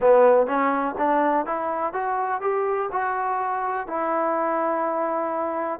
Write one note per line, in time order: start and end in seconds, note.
0.00 0.47 B3
0.47 0.95 C#4
0.98 1.45 D4
1.45 1.93 E4
1.93 2.41 F#4
2.41 2.89 G4
2.92 3.87 F#4
3.87 5.79 E4